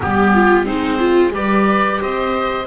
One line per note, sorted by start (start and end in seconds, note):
0.00 0.68 G3
0.00 0.63 B3
0.00 0.66 G4
0.00 0.33 G4
0.33 0.65 F4
0.63 1.34 G#3
0.63 1.30 C4
0.63 0.98 D#4
0.63 1.32 C5
0.98 1.32 F4
1.31 2.01 G3
1.31 2.65 G4
1.31 2.00 B4
1.31 2.01 D5
2.01 2.67 C4
2.01 2.67 C5
2.01 2.67 D#5